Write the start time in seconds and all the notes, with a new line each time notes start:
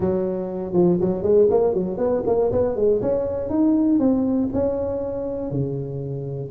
0.00 F#3
0.73 F3
1.00 F#3
1.22 G#3
1.50 A#3
1.74 F#3
1.97 B3
2.26 A#3
2.52 B3
2.76 G#3
3.01 C#4
3.49 D#4
3.99 C4
4.52 C#4
5.50 C#3